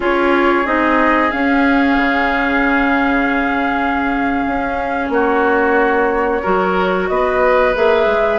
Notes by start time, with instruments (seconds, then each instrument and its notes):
0.00 bassoon C#4, clarinet F4, oboe G#4, flute C#5
0.65 bassoon C4, clarinet D#4, flute D#5
1.30 clarinet C#4, bassoon C#4, flute F5
1.96 bassoon C#3
4.46 bassoon C#4
5.09 bassoon A#3, oboe F#4, flute C#5
6.42 bassoon F#3, clarinet F#4, oboe A#4
7.08 bassoon B3, oboe B4, flute D#5
7.75 bassoon A#3, clarinet G#4, flute E5
8.06 bassoon G#3